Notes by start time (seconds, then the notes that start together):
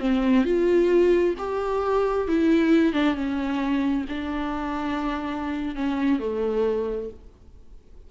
0.00 C4
0.45 F4
1.39 G4
2.28 E4
2.94 D4
3.15 C#4
4.09 D4
5.76 C#4
6.20 A3